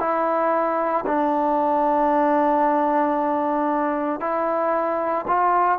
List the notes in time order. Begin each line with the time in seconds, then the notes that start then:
0.00 E4
1.06 D4
4.21 E4
5.28 F4